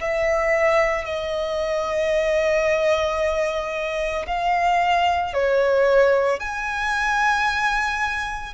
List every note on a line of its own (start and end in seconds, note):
0.00 1.05 E5
1.05 4.26 D#5
4.26 5.33 F5
5.33 6.39 C#5
6.39 8.53 G#5